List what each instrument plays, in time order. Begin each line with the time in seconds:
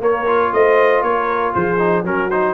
0.00 trombone A#3, tuba A#3, horn A#4, trumpet C#5
0.27 trombone F4
0.53 tuba A3, horn C5, trumpet D#5
1.03 tuba A#3, horn A#4, trumpet C#5
1.54 tuba F3, horn G#4, trumpet C5
1.79 trombone D#4
2.04 tuba F#3, trombone C#4, horn F#4, trumpet A#4
2.31 trombone D#4, trumpet C5